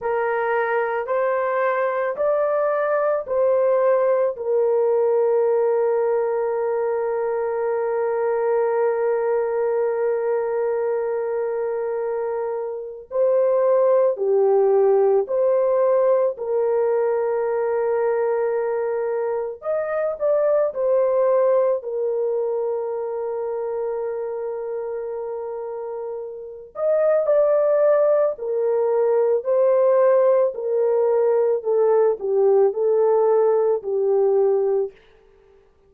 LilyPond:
\new Staff \with { instrumentName = "horn" } { \time 4/4 \tempo 4 = 55 ais'4 c''4 d''4 c''4 | ais'1~ | ais'1 | c''4 g'4 c''4 ais'4~ |
ais'2 dis''8 d''8 c''4 | ais'1~ | ais'8 dis''8 d''4 ais'4 c''4 | ais'4 a'8 g'8 a'4 g'4 | }